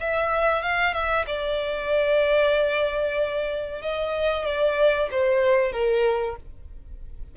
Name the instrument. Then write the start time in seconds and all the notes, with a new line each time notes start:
violin
0.00 E5
0.63 F5
0.94 E5
1.27 D5
3.82 D#5
4.46 D5
5.11 C5
5.72 A#4